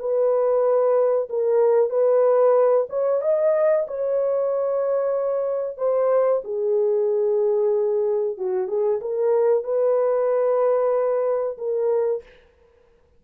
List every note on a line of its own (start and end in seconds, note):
0.00 1.29 B4
1.30 1.90 A#4
1.90 2.87 B4
2.90 3.22 C#5
3.22 3.87 D#5
3.88 5.78 C#5
5.78 6.43 C5
6.45 8.38 G#4
8.38 8.68 F#4
8.68 9.00 G#4
9.02 9.64 A#4
9.64 11.58 B4
11.58 12.23 A#4